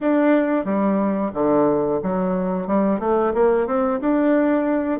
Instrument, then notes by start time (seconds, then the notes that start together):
bassoon
0.01 D4
0.65 G3
1.33 D3
2.02 F#3
2.67 G3
2.99 A3
3.34 A#3
3.66 C4
4.00 D4